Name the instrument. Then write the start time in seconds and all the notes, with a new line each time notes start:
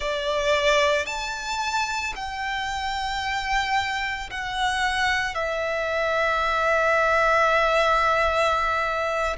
violin
0.00 D5
1.06 A5
2.15 G5
4.30 F#5
5.34 E5